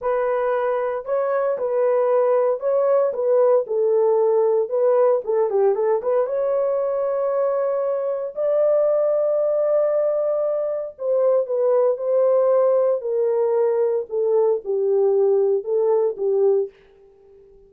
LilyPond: \new Staff \with { instrumentName = "horn" } { \time 4/4 \tempo 4 = 115 b'2 cis''4 b'4~ | b'4 cis''4 b'4 a'4~ | a'4 b'4 a'8 g'8 a'8 b'8 | cis''1 |
d''1~ | d''4 c''4 b'4 c''4~ | c''4 ais'2 a'4 | g'2 a'4 g'4 | }